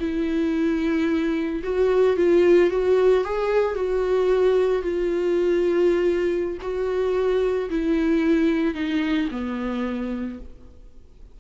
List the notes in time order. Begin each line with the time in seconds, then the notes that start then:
0.00 E4
1.63 F#4
2.17 F4
2.70 F#4
3.24 G#4
3.75 F#4
4.82 F4
6.61 F#4
7.70 E4
8.74 D#4
9.31 B3